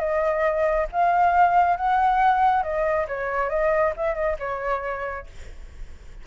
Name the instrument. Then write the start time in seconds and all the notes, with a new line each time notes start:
flute
0.00 D#5
0.93 F5
1.77 F#5
2.63 D#5
3.08 C#5
3.50 D#5
3.97 E5
4.15 D#5
4.40 C#5